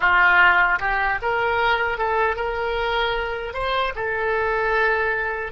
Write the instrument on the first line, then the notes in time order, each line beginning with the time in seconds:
oboe
0.00 F4
0.79 G4
1.22 A#4
1.98 A4
2.36 A#4
3.53 C5
3.95 A4